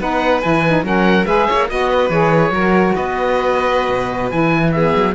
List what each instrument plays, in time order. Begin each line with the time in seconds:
0.00 cello B3, saxophone D#4, violin B4, oboe F#5
0.42 cello E3, saxophone E4, oboe G#5
0.68 saxophone D#4
0.83 cello F#3, saxophone C#4, violin A#4, oboe F#5
1.26 cello G#3, saxophone G#4, violin B4, oboe E5
1.47 cello A#3, violin C#5
1.69 cello B3, saxophone F#4, oboe D#5, violin D#5
1.89 violin B4
2.10 cello E3, saxophone G#4, oboe C#5
2.51 cello F#3, saxophone F#4, violin A#4
2.95 cello B3, violin B4, oboe D#5
3.90 cello B2
4.31 cello E3, saxophone E4, oboe G#5
4.72 saxophone B3, violin G#4, oboe E5
4.96 cello F#3